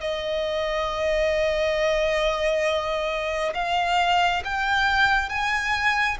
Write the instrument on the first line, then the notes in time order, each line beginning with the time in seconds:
violin
0.00 D#5
3.55 F5
4.44 G5
5.29 G#5